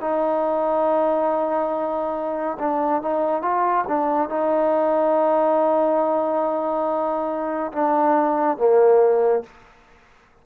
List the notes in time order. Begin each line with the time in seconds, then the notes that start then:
0.00 D#4
2.59 D4
3.02 D#4
3.42 F4
3.87 D4
4.29 D#4
7.72 D4
8.57 A#3